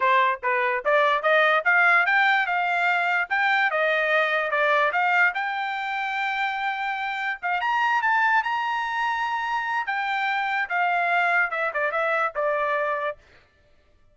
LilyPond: \new Staff \with { instrumentName = "trumpet" } { \time 4/4 \tempo 4 = 146 c''4 b'4 d''4 dis''4 | f''4 g''4 f''2 | g''4 dis''2 d''4 | f''4 g''2.~ |
g''2 f''8 ais''4 a''8~ | a''8 ais''2.~ ais''8 | g''2 f''2 | e''8 d''8 e''4 d''2 | }